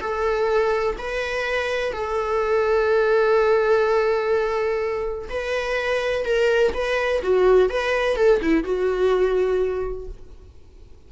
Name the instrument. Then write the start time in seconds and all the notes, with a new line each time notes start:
viola
0.00 A4
0.98 B4
1.92 A4
5.30 B4
6.25 A#4
6.74 B4
7.22 F#4
7.70 B4
8.16 A4
8.42 E4
8.64 F#4